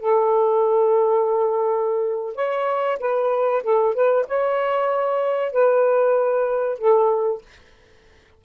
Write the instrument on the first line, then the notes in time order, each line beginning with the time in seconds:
saxophone
0.00 A4
2.35 C#5
2.99 B4
3.63 A4
3.94 B4
4.27 C#5
5.52 B4
6.78 A4